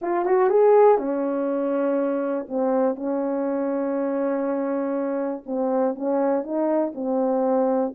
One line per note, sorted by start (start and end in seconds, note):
0.01 0.25 F4
0.25 0.49 F#4
0.49 0.98 G#4
0.98 2.46 C#4
2.48 2.95 C4
2.95 5.43 C#4
5.45 5.95 C4
5.95 6.43 C#4
6.43 6.92 D#4
6.94 7.93 C4